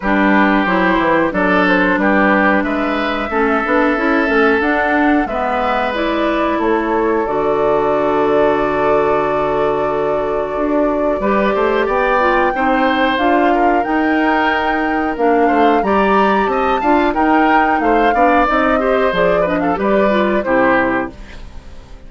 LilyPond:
<<
  \new Staff \with { instrumentName = "flute" } { \time 4/4 \tempo 4 = 91 b'4 c''4 d''8 c''8 b'4 | e''2. fis''4 | e''4 d''4 cis''4 d''4~ | d''1~ |
d''2 g''2 | f''4 g''2 f''4 | ais''4 a''4 g''4 f''4 | dis''4 d''8 dis''16 f''16 d''4 c''4 | }
  \new Staff \with { instrumentName = "oboe" } { \time 4/4 g'2 a'4 g'4 | b'4 a'2. | b'2 a'2~ | a'1~ |
a'4 b'8 c''8 d''4 c''4~ | c''8 ais'2. c''8 | d''4 dis''8 f''8 ais'4 c''8 d''8~ | d''8 c''4 b'16 a'16 b'4 g'4 | }
  \new Staff \with { instrumentName = "clarinet" } { \time 4/4 d'4 e'4 d'2~ | d'4 cis'8 d'8 e'8 cis'8 d'4 | b4 e'2 fis'4~ | fis'1~ |
fis'4 g'4. f'8 dis'4 | f'4 dis'2 d'4 | g'4. f'8 dis'4. d'8 | dis'8 g'8 gis'8 d'8 g'8 f'8 e'4 | }
  \new Staff \with { instrumentName = "bassoon" } { \time 4/4 g4 fis8 e8 fis4 g4 | gis4 a8 b8 cis'8 a8 d'4 | gis2 a4 d4~ | d1 |
d'4 g8 a8 b4 c'4 | d'4 dis'2 ais8 a8 | g4 c'8 d'8 dis'4 a8 b8 | c'4 f4 g4 c4 | }
>>